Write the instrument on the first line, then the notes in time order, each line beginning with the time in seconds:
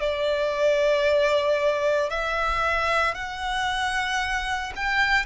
violin
0.00 D5
2.11 E5
3.15 F#5
4.76 G5